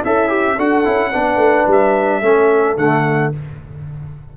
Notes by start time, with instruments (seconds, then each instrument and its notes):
0.00 tuba C#4, horn E4, trombone A4, trumpet E5
0.29 trombone G4
0.56 tuba D4, trombone F#4, horn A4, trumpet F#5
0.84 tuba C#4, trombone E4
1.12 tuba B3, trombone D4, horn B4
1.36 tuba A3
1.67 tuba G3, trumpet E5
2.21 tuba A3, trombone C#4, horn A4
2.77 tuba D3, trombone A3, trumpet F#5